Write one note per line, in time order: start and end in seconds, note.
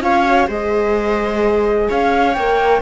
0.00 0.47 C#4
0.00 0.24 F4
0.00 0.47 C#5
0.00 0.49 F5
0.24 0.47 F#4
0.47 1.88 G#3
0.47 2.35 G#4
0.47 1.88 C5
0.47 1.90 D#5
1.89 2.36 C#4
1.89 2.81 C#5
1.89 2.33 F5
2.33 2.81 A#3
2.33 2.81 A#4
2.33 2.80 G5